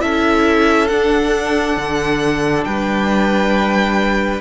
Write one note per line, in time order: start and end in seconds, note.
0.00 0.91 C#4
0.00 0.88 E4
0.00 2.67 A4
0.00 0.88 E5
0.88 4.41 D4
0.88 1.77 D4
0.88 2.64 F#5
1.77 2.65 D3
2.64 4.41 G3
2.64 4.41 B4
2.64 4.41 G5